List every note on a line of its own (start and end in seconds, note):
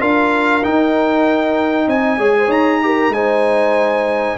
0.00 0.64 D4
0.00 0.62 F4
0.00 1.89 A#4
0.00 0.64 F5
0.64 2.20 D#4
0.64 1.88 D#4
0.64 1.89 G5
1.88 2.18 C4
1.88 2.19 D#5
1.88 2.52 G#5
2.18 2.48 G#3
2.18 2.82 G#4
2.18 2.35 C#5
2.38 2.47 C5
2.47 3.10 D#4
2.47 2.79 C#5
2.47 3.14 A#5
2.82 3.13 G4
2.82 3.15 A#4
3.10 4.35 G#3
3.10 4.38 D#4
3.10 4.38 C5
3.10 4.38 G#5